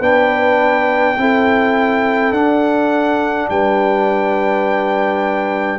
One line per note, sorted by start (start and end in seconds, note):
0.00 1.15 B3
0.00 1.17 D4
0.00 1.15 B4
0.00 2.33 G5
1.17 2.31 C4
1.17 2.33 E4
1.17 3.50 A4
2.31 3.46 D4
2.31 5.79 D4
2.31 3.48 F#5
3.50 5.79 G3
3.50 5.79 B4
3.50 5.79 G5